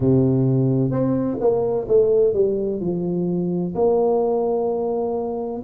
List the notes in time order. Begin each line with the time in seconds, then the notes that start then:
0.00 C3
0.90 C4
1.40 A#3
1.87 A3
2.33 G3
2.80 F3
3.75 A#3